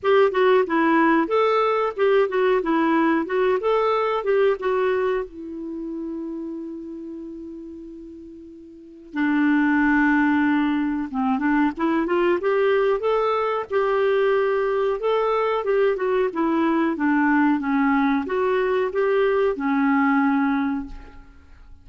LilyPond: \new Staff \with { instrumentName = "clarinet" } { \time 4/4 \tempo 4 = 92 g'8 fis'8 e'4 a'4 g'8 fis'8 | e'4 fis'8 a'4 g'8 fis'4 | e'1~ | e'2 d'2~ |
d'4 c'8 d'8 e'8 f'8 g'4 | a'4 g'2 a'4 | g'8 fis'8 e'4 d'4 cis'4 | fis'4 g'4 cis'2 | }